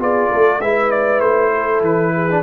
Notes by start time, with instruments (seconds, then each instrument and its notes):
0.00 tuba B3, trombone F4, horn G#4, trumpet D5
0.31 tuba A3, horn A4
0.61 tuba G#3, trombone E4, horn B4, trumpet E5
0.91 trumpet D5
1.21 tuba A3, trumpet C5
1.54 horn A4
1.82 tuba E3, trumpet B4
2.15 horn G#4
2.30 trombone D4